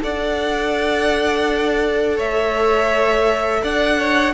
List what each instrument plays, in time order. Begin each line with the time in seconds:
0.00 cello D4, viola A4, violin D5 F#5
2.17 cello A3, violin C#5 E5
3.63 cello D4, violin D5 F#5
3.98 violin C#5